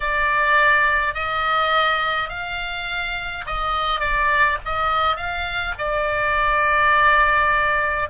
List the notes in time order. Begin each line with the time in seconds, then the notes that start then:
0.00 D5
1.14 D#5
2.29 F5
3.46 D#5
4.00 D5
4.65 D#5
5.16 F5
5.78 D5